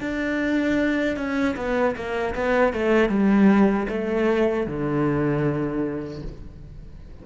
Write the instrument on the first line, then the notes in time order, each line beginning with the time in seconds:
cello
0.00 D4
1.17 C#4
1.57 B3
1.96 A#3
2.35 B3
2.73 A3
3.09 G3
3.89 A3
4.67 D3